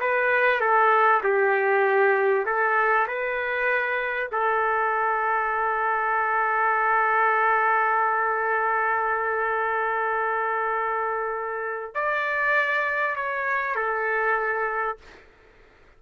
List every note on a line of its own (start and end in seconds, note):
0.00 0.60 B4
0.60 1.21 A4
1.23 2.45 G4
2.45 3.07 A4
3.07 4.29 B4
4.32 11.94 A4
11.94 13.15 D5
13.15 13.75 C#5
13.75 14.97 A4